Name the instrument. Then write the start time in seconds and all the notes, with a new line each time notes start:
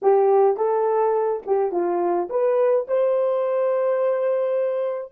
horn
0.02 G4
0.56 A4
1.46 G4
1.71 F4
2.29 B4
2.87 C5